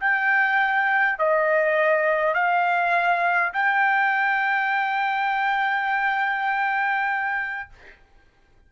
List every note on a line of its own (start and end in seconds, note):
0.00 1.19 G5
1.19 2.34 D#5
2.34 3.53 F5
3.53 7.69 G5